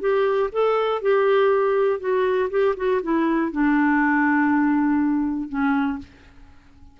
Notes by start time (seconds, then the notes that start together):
0.00 G4
0.52 A4
1.02 G4
2.00 F#4
2.50 G4
2.76 F#4
3.02 E4
3.52 D4
5.49 C#4